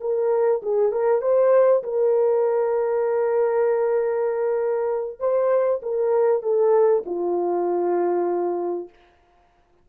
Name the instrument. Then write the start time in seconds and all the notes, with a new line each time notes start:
horn
0.00 A#4
0.62 G#4
0.92 A#4
1.21 C5
1.83 A#4
5.19 C5
5.82 A#4
6.42 A4
7.05 F4